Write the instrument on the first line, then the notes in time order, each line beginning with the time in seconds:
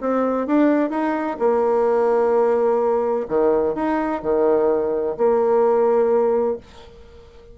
bassoon
0.00 C4
0.47 D4
0.90 D#4
1.39 A#3
3.28 D#3
3.75 D#4
4.22 D#3
5.17 A#3